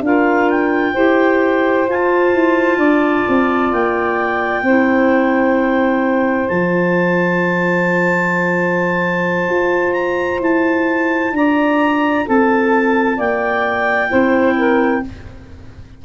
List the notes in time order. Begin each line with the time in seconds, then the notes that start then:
0.00 D4 F4 A#4 F5
0.50 G5
0.93 E4 G4 C5
1.87 F4 A5
2.33 E4
2.77 D4 D5
3.28 C4
3.72 A#3 G5
4.62 C4 E4 C5
6.48 F3 F4 A5
9.48 F4
9.92 A#5
10.40 E4 A5
11.31 D4 D5 A#5
12.25 C4 A4 A5
13.16 A#3 D5 G5
14.08 C4 E4 C5
14.56 A#4